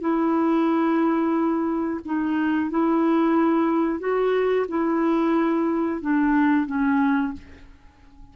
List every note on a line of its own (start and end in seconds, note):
0.00 2.00 E4
2.05 2.70 D#4
2.70 3.99 E4
3.99 4.66 F#4
4.68 6.01 E4
6.01 6.66 D4
6.66 7.33 C#4